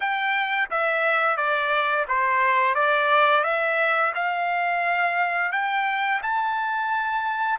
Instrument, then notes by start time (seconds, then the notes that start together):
trumpet
0.00 G5
0.70 E5
1.36 D5
2.08 C5
2.74 D5
3.43 E5
4.14 F5
5.52 G5
6.22 A5